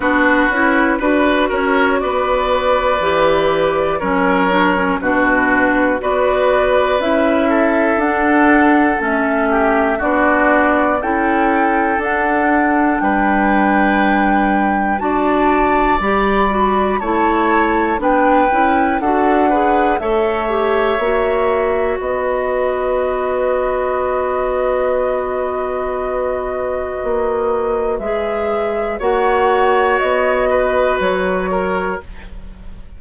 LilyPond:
<<
  \new Staff \with { instrumentName = "flute" } { \time 4/4 \tempo 4 = 60 b'4. cis''8 d''2 | cis''4 b'4 d''4 e''4 | fis''4 e''4 d''4 g''4 | fis''4 g''2 a''4 |
b''4 a''4 g''4 fis''4 | e''2 dis''2~ | dis''1 | e''4 fis''4 dis''4 cis''4 | }
  \new Staff \with { instrumentName = "oboe" } { \time 4/4 fis'4 b'8 ais'8 b'2 | ais'4 fis'4 b'4. a'8~ | a'4. g'8 fis'4 a'4~ | a'4 b'2 d''4~ |
d''4 cis''4 b'4 a'8 b'8 | cis''2 b'2~ | b'1~ | b'4 cis''4. b'4 ais'8 | }
  \new Staff \with { instrumentName = "clarinet" } { \time 4/4 d'8 e'8 fis'2 g'4 | cis'8 d'16 cis'16 d'4 fis'4 e'4 | d'4 cis'4 d'4 e'4 | d'2. fis'4 |
g'8 fis'8 e'4 d'8 e'8 fis'8 gis'8 | a'8 g'8 fis'2.~ | fis'1 | gis'4 fis'2. | }
  \new Staff \with { instrumentName = "bassoon" } { \time 4/4 b8 cis'8 d'8 cis'8 b4 e4 | fis4 b,4 b4 cis'4 | d'4 a4 b4 cis'4 | d'4 g2 d'4 |
g4 a4 b8 cis'8 d'4 | a4 ais4 b2~ | b2. ais4 | gis4 ais4 b4 fis4 | }
>>